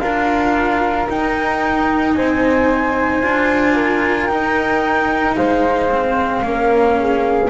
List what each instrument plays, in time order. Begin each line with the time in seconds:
0.00 double bass D4, cello F4, flute A#4 F5
1.08 cello D#4, double bass D#4, flute G5
2.14 double bass C4, flute C5 G#5
3.22 double bass D4, cello F4
3.75 flute A#4
4.27 double bass D#4, cello D#4, flute G5
5.35 double bass G#3, flute C5 F5
5.90 cello C4
6.42 double bass A#3, cello C#4, flute A#4
6.99 flute G#4